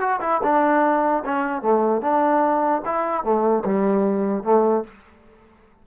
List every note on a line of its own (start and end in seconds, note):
0.00 0.20 F#4
0.21 0.41 E4
0.43 1.24 D4
1.25 1.62 C#4
1.62 2.02 A3
2.02 2.82 D4
2.85 3.24 E4
3.24 3.64 A3
3.65 4.44 G3
4.44 4.84 A3